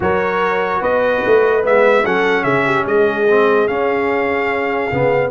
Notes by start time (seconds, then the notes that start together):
0.00 F#3 F#4 A#4 C#5
0.81 B3 B4 D#5
1.25 A3
1.62 G#3 B3 E5
2.04 F#3 C#4 A4 F#5
2.43 C#3 G#4 E5
2.65 G4
2.86 G#3 G#4 D#5
3.28 C4
3.67 C#4 F5
4.91 C#3 B3